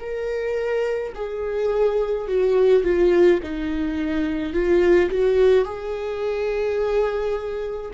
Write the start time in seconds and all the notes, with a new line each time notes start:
0.00 A#4
1.15 G#4
2.27 F#4
2.84 F4
3.43 D#4
4.53 F4
5.10 F#4
5.65 G#4